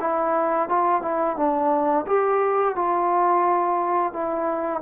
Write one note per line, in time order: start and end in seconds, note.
0.00 0.69 E4
0.69 1.02 F4
1.02 1.36 E4
1.36 2.05 D4
2.07 2.75 G4
2.75 4.13 F4
4.13 4.82 E4